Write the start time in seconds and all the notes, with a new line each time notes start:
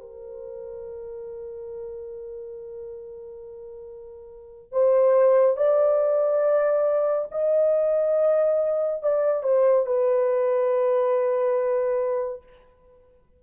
0.00 A#4
4.71 C5
5.56 D5
7.31 D#5
9.02 D5
9.43 C5
9.86 B4